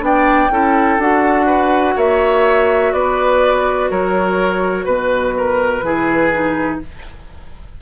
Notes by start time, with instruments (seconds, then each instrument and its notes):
0.00 bassoon B3, clarinet D4, oboe D5, flute G5
0.50 bassoon C#4, clarinet E4, oboe A4
0.98 bassoon D4, clarinet F#4, flute F#5
1.46 oboe B4
1.96 bassoon A#3, oboe C#5, flute E5
2.93 bassoon B3, oboe B4, flute D5
3.90 bassoon F#3, oboe A#4, flute C#5
4.84 bassoon B2, flute B4, oboe B4
5.37 oboe A#4
5.82 bassoon E3, clarinet E4, oboe G#4
6.32 clarinet D#4